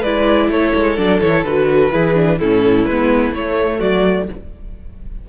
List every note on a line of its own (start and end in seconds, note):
0.00 0.49 G#3
0.00 0.97 E4
0.00 0.47 B4
0.00 0.50 D5
0.49 0.73 A3
0.49 1.92 A4
0.49 0.97 C#5
0.75 0.98 G#3
0.97 1.21 F#3
0.97 1.21 D4
0.97 1.21 D5
1.21 1.44 E3
1.21 1.45 E4
1.21 1.44 C#5
1.44 1.91 D3
1.44 1.91 F#4
1.44 2.39 B4
1.91 2.41 E3
1.91 2.15 E4
1.91 2.39 G#4
2.15 2.39 D4
2.39 2.86 A2
2.39 2.90 C#4
2.39 3.78 E4
2.39 2.85 A4
2.85 3.32 G#3
2.85 3.32 B4
2.91 3.35 B3
3.32 3.79 A3
3.32 4.30 A3
3.32 3.81 C#5
3.78 4.29 F#3
3.78 4.25 F#4
3.78 4.28 D5